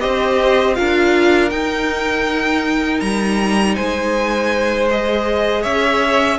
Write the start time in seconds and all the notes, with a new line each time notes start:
0.00 C4 G4 C5 D#5
0.75 D4 F4 A#4 F5
1.50 D#4 G5
3.00 G3 A#5
3.75 G#3 C5 G#5
4.90 G#4 D#5
5.62 C#4 C#5 E5